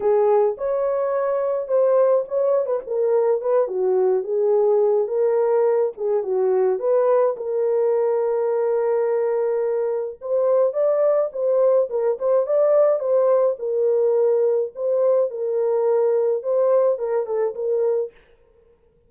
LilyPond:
\new Staff \with { instrumentName = "horn" } { \time 4/4 \tempo 4 = 106 gis'4 cis''2 c''4 | cis''8. b'16 ais'4 b'8 fis'4 gis'8~ | gis'4 ais'4. gis'8 fis'4 | b'4 ais'2.~ |
ais'2 c''4 d''4 | c''4 ais'8 c''8 d''4 c''4 | ais'2 c''4 ais'4~ | ais'4 c''4 ais'8 a'8 ais'4 | }